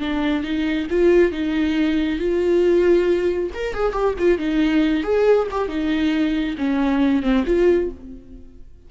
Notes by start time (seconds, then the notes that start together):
0.00 D4
0.44 D#4
0.91 F4
1.32 D#4
2.19 F4
3.55 A#4
3.74 G#4
3.93 G4
4.19 F4
4.38 D#4
5.04 G#4
5.51 G4
5.68 D#4
6.58 C#4
7.23 C4
7.47 F4